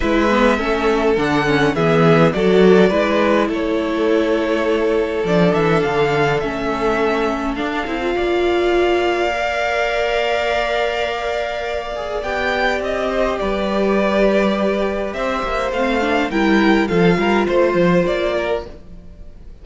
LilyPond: <<
  \new Staff \with { instrumentName = "violin" } { \time 4/4 \tempo 4 = 103 e''2 fis''4 e''4 | d''2 cis''2~ | cis''4 d''8 e''8 f''4 e''4~ | e''4 f''2.~ |
f''1~ | f''4 g''4 dis''4 d''4~ | d''2 e''4 f''4 | g''4 f''4 c''4 d''4 | }
  \new Staff \with { instrumentName = "violin" } { \time 4/4 b'4 a'2 gis'4 | a'4 b'4 a'2~ | a'1~ | a'2 d''2~ |
d''1~ | d''2~ d''8 c''8 b'4~ | b'2 c''2 | ais'4 a'8 ais'8 c''4. ais'8 | }
  \new Staff \with { instrumentName = "viola" } { \time 4/4 e'8 b8 cis'4 d'8 cis'8 b4 | fis'4 e'2.~ | e'4 d'2 cis'4~ | cis'4 d'8 e'16 f'2~ f'16 |
ais'1~ | ais'8 gis'8 g'2.~ | g'2. c'8 d'8 | e'4 f'2. | }
  \new Staff \with { instrumentName = "cello" } { \time 4/4 gis4 a4 d4 e4 | fis4 gis4 a2~ | a4 f8 e8 d4 a4~ | a4 d'8 c'8 ais2~ |
ais1~ | ais4 b4 c'4 g4~ | g2 c'8 ais8 a4 | g4 f8 g8 a8 f8 ais4 | }
>>